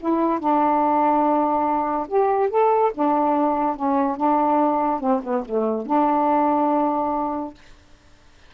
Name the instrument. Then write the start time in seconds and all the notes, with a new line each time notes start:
saxophone
0.00 E4
0.40 D4
2.08 G4
2.50 A4
2.94 D4
3.77 C#4
4.17 D4
5.00 C4
5.24 B3
5.45 A3
5.86 D4